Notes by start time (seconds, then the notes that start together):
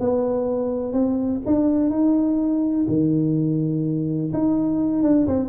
0.00 B3
0.93 C4
1.46 D4
1.90 D#4
2.88 D#3
4.33 D#4
5.03 D4
5.28 C4